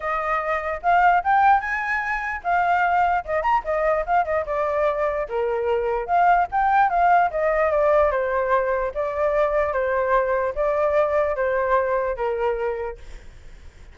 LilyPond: \new Staff \with { instrumentName = "flute" } { \time 4/4 \tempo 4 = 148 dis''2 f''4 g''4 | gis''2 f''2 | dis''8 ais''8 dis''4 f''8 dis''8 d''4~ | d''4 ais'2 f''4 |
g''4 f''4 dis''4 d''4 | c''2 d''2 | c''2 d''2 | c''2 ais'2 | }